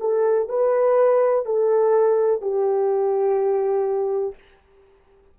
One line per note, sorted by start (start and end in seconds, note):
0.00 0.48 A4
0.48 1.45 B4
1.45 2.41 A4
2.41 4.35 G4